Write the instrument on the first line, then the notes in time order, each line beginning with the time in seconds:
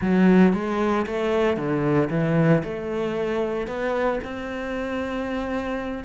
cello
0.01 F#3
0.53 G#3
1.06 A3
1.56 D3
2.10 E3
2.63 A3
3.67 B3
4.24 C4